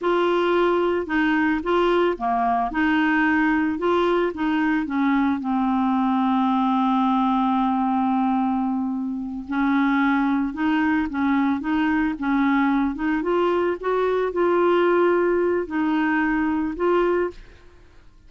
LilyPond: \new Staff \with { instrumentName = "clarinet" } { \time 4/4 \tempo 4 = 111 f'2 dis'4 f'4 | ais4 dis'2 f'4 | dis'4 cis'4 c'2~ | c'1~ |
c'4. cis'2 dis'8~ | dis'8 cis'4 dis'4 cis'4. | dis'8 f'4 fis'4 f'4.~ | f'4 dis'2 f'4 | }